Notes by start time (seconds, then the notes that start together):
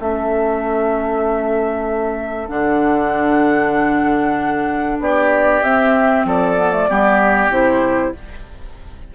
0.00 A3 C#4 A4 E5
2.48 D3 D4 F#5
4.99 B3 G4 D5
5.63 C4 E5
6.25 F3 A4 D5
6.57 B3
6.72 A3
6.89 G3 B3 G4
7.49 C3 E4 C5